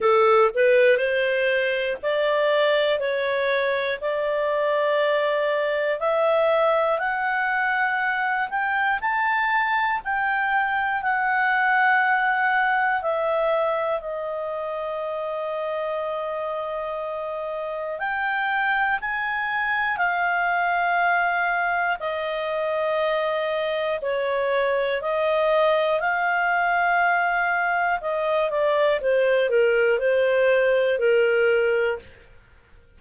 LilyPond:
\new Staff \with { instrumentName = "clarinet" } { \time 4/4 \tempo 4 = 60 a'8 b'8 c''4 d''4 cis''4 | d''2 e''4 fis''4~ | fis''8 g''8 a''4 g''4 fis''4~ | fis''4 e''4 dis''2~ |
dis''2 g''4 gis''4 | f''2 dis''2 | cis''4 dis''4 f''2 | dis''8 d''8 c''8 ais'8 c''4 ais'4 | }